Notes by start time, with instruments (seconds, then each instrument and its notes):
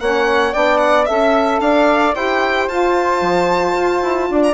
0.00 bassoon A#3, saxophone C#4, flute C#5, violin F#5
0.53 bassoon B3, saxophone D4, flute D5, violin G5
0.78 violin F#5
1.05 bassoon C#4, saxophone A4, violin E5, flute E5
1.60 bassoon D4, flute D5, violin F5
2.15 bassoon E4, saxophone G4, flute C5, violin G5
2.69 bassoon F4, saxophone F4, violin A5
3.21 bassoon F3
3.76 bassoon F4
4.02 bassoon E4
4.30 bassoon D4, flute D5
4.43 violin A#5